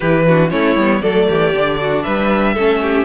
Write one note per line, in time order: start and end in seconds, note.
0.00 0.52 E3
0.00 0.27 E4
0.00 0.25 G4
0.00 0.49 B4
0.27 0.50 D4
0.27 0.51 F#4
0.50 0.76 A3
0.50 0.75 C#4
0.50 1.01 E4
0.50 1.01 C#5
0.76 1.01 G3
0.76 1.03 B3
1.01 1.28 F#3
1.01 1.53 A3
1.01 1.27 A4
1.01 2.03 D5
1.28 1.53 E3
1.28 1.79 G4
1.53 2.04 D3
1.53 2.56 D4
1.80 2.04 F#4
2.03 2.56 G3
2.03 2.53 B4
2.03 3.04 E5
2.53 3.04 A3
2.53 3.04 C#4
2.53 2.79 A4
2.81 3.04 G4